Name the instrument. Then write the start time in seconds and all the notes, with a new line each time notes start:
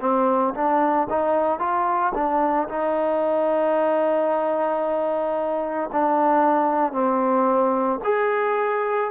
trombone
0.00 C4
0.54 D4
1.10 D#4
1.59 F4
2.15 D4
2.69 D#4
5.93 D4
6.93 C4
8.04 G#4